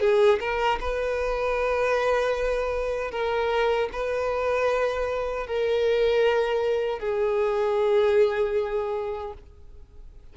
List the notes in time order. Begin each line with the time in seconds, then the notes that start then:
0.00 G#4
0.40 A#4
0.80 B4
3.11 A#4
3.92 B4
5.47 A#4
6.99 G#4